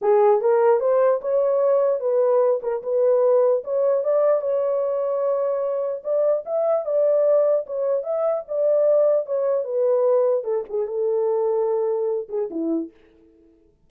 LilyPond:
\new Staff \with { instrumentName = "horn" } { \time 4/4 \tempo 4 = 149 gis'4 ais'4 c''4 cis''4~ | cis''4 b'4. ais'8 b'4~ | b'4 cis''4 d''4 cis''4~ | cis''2. d''4 |
e''4 d''2 cis''4 | e''4 d''2 cis''4 | b'2 a'8 gis'8 a'4~ | a'2~ a'8 gis'8 e'4 | }